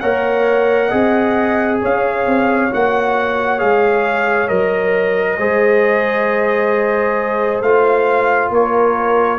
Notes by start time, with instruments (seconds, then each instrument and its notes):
0.00 tuba A#3, trombone A#4, horn C#5, trumpet F#5
0.88 tuba C4, trombone G#4, horn D#5
1.81 tuba C#4, horn C#5, trumpet F5
2.27 tuba C4
2.71 tuba A#3, trombone F#4, trumpet F#5
3.58 tuba G#3, trombone G#4, trumpet F5
4.48 tuba F#3, trombone A#4, trumpet D#5
5.38 tuba G#3, trombone G#4, horn C5
7.61 tuba A3, trombone F4, trumpet F5
8.50 tuba A#3, horn A#4, trumpet C#5